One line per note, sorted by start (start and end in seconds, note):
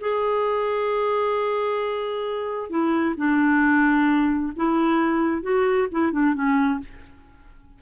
0.00 2.70 G#4
2.70 3.15 E4
3.17 4.53 D4
4.56 5.42 E4
5.42 5.88 F#4
5.92 6.12 E4
6.12 6.34 D4
6.34 6.80 C#4